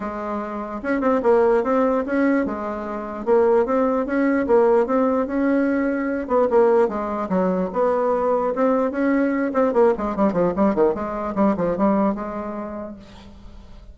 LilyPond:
\new Staff \with { instrumentName = "bassoon" } { \time 4/4 \tempo 4 = 148 gis2 cis'8 c'8 ais4 | c'4 cis'4 gis2 | ais4 c'4 cis'4 ais4 | c'4 cis'2~ cis'8 b8 |
ais4 gis4 fis4 b4~ | b4 c'4 cis'4. c'8 | ais8 gis8 g8 f8 g8 dis8 gis4 | g8 f8 g4 gis2 | }